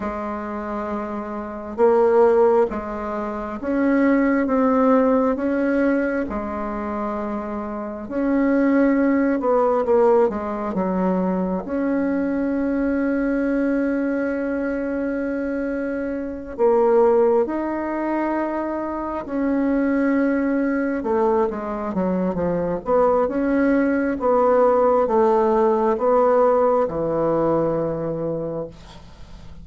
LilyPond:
\new Staff \with { instrumentName = "bassoon" } { \time 4/4 \tempo 4 = 67 gis2 ais4 gis4 | cis'4 c'4 cis'4 gis4~ | gis4 cis'4. b8 ais8 gis8 | fis4 cis'2.~ |
cis'2~ cis'8 ais4 dis'8~ | dis'4. cis'2 a8 | gis8 fis8 f8 b8 cis'4 b4 | a4 b4 e2 | }